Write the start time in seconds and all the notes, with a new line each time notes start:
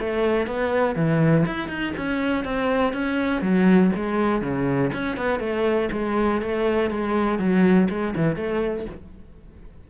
0.00 A3
0.47 B3
0.96 E3
1.47 E4
1.69 D#4
1.97 C#4
2.45 C4
2.93 C#4
3.42 F#3
3.96 G#3
4.42 C#3
4.94 C#4
5.17 B3
5.40 A3
5.92 G#3
6.42 A3
6.90 G#3
7.39 F#3
7.90 G#3
8.16 E3
8.36 A3